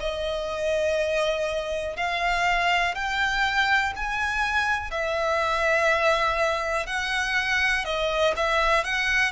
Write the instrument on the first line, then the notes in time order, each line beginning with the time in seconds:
violin
0.00 D#5
1.97 F5
2.95 G5
3.96 G#5
4.91 E5
6.87 F#5
7.85 D#5
8.37 E5
8.84 F#5